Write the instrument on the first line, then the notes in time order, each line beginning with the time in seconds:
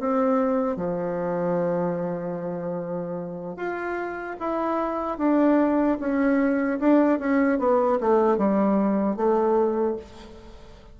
bassoon
0.00 C4
0.77 F3
3.57 F4
4.40 E4
5.18 D4
6.00 C#4
6.80 D4
7.19 C#4
7.59 B3
8.00 A3
8.38 G3
9.16 A3